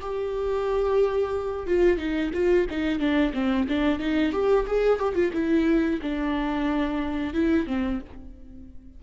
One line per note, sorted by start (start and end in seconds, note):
0.00 1.66 G4
1.66 1.97 F4
1.97 2.31 D#4
2.33 2.67 F4
2.69 2.99 D#4
2.99 3.32 D4
3.33 3.67 C4
3.68 3.99 D4
3.99 4.32 D#4
4.32 4.65 G4
4.67 4.99 G#4
4.99 5.15 G4
5.15 5.31 F4
5.33 5.99 E4
6.02 7.33 D4
7.33 7.66 E4
7.66 8.00 C4